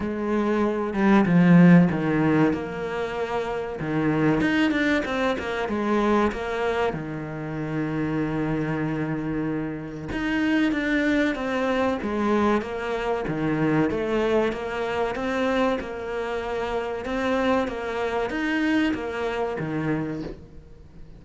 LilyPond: \new Staff \with { instrumentName = "cello" } { \time 4/4 \tempo 4 = 95 gis4. g8 f4 dis4 | ais2 dis4 dis'8 d'8 | c'8 ais8 gis4 ais4 dis4~ | dis1 |
dis'4 d'4 c'4 gis4 | ais4 dis4 a4 ais4 | c'4 ais2 c'4 | ais4 dis'4 ais4 dis4 | }